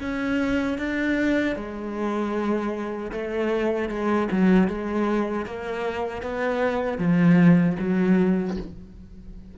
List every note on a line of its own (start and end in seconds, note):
0.00 0.78 C#4
0.78 1.55 D4
1.55 3.11 G#3
3.11 3.89 A3
3.89 4.28 G#3
4.31 4.68 F#3
4.68 5.45 G#3
5.45 6.22 A#3
6.22 6.98 B3
6.98 7.76 F3
7.79 8.57 F#3